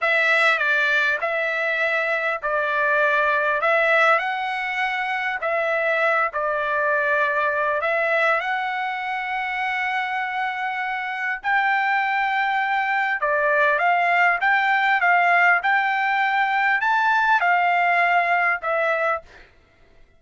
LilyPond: \new Staff \with { instrumentName = "trumpet" } { \time 4/4 \tempo 4 = 100 e''4 d''4 e''2 | d''2 e''4 fis''4~ | fis''4 e''4. d''4.~ | d''4 e''4 fis''2~ |
fis''2. g''4~ | g''2 d''4 f''4 | g''4 f''4 g''2 | a''4 f''2 e''4 | }